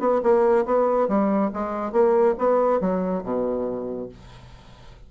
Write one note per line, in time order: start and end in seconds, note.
0.00 0.21 B3
0.23 0.65 A#3
0.65 1.08 B3
1.08 1.51 G3
1.54 1.92 G#3
1.92 2.35 A#3
2.38 2.81 B3
2.81 3.23 F#3
3.23 4.09 B2